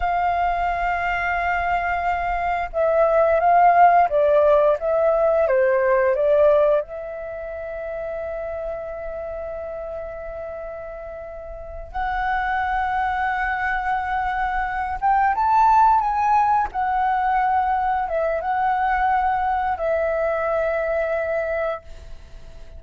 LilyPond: \new Staff \with { instrumentName = "flute" } { \time 4/4 \tempo 4 = 88 f''1 | e''4 f''4 d''4 e''4 | c''4 d''4 e''2~ | e''1~ |
e''4. fis''2~ fis''8~ | fis''2 g''8 a''4 gis''8~ | gis''8 fis''2 e''8 fis''4~ | fis''4 e''2. | }